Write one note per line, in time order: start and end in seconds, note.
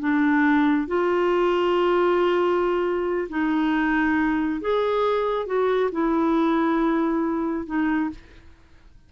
0.00 0.88 D4
0.88 3.28 F4
3.29 4.61 D#4
4.61 5.46 G#4
5.46 5.90 F#4
5.92 7.66 E4
7.66 8.10 D#4